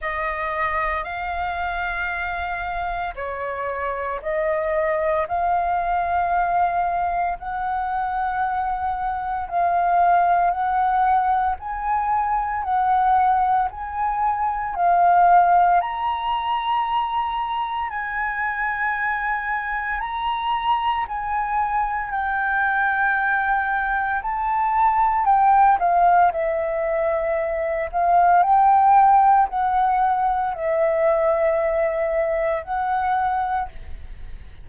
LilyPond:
\new Staff \with { instrumentName = "flute" } { \time 4/4 \tempo 4 = 57 dis''4 f''2 cis''4 | dis''4 f''2 fis''4~ | fis''4 f''4 fis''4 gis''4 | fis''4 gis''4 f''4 ais''4~ |
ais''4 gis''2 ais''4 | gis''4 g''2 a''4 | g''8 f''8 e''4. f''8 g''4 | fis''4 e''2 fis''4 | }